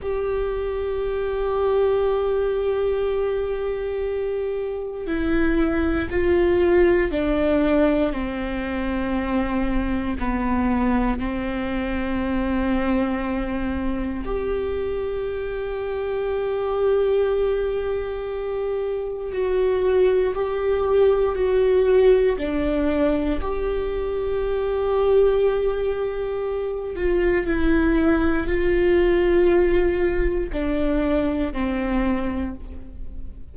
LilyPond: \new Staff \with { instrumentName = "viola" } { \time 4/4 \tempo 4 = 59 g'1~ | g'4 e'4 f'4 d'4 | c'2 b4 c'4~ | c'2 g'2~ |
g'2. fis'4 | g'4 fis'4 d'4 g'4~ | g'2~ g'8 f'8 e'4 | f'2 d'4 c'4 | }